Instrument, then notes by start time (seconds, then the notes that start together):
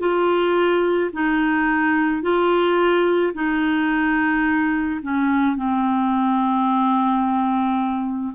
clarinet
0.00 F4
1.14 D#4
2.23 F4
3.34 D#4
5.03 C#4
5.57 C4